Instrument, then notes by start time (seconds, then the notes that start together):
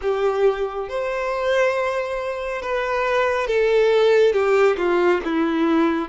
violin
0.01 G4
0.89 C5
2.62 B4
3.47 A4
4.32 G4
4.77 F4
5.24 E4